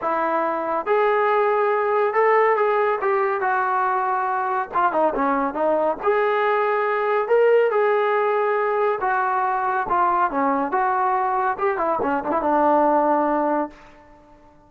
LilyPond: \new Staff \with { instrumentName = "trombone" } { \time 4/4 \tempo 4 = 140 e'2 gis'2~ | gis'4 a'4 gis'4 g'4 | fis'2. f'8 dis'8 | cis'4 dis'4 gis'2~ |
gis'4 ais'4 gis'2~ | gis'4 fis'2 f'4 | cis'4 fis'2 g'8 e'8 | cis'8 d'16 e'16 d'2. | }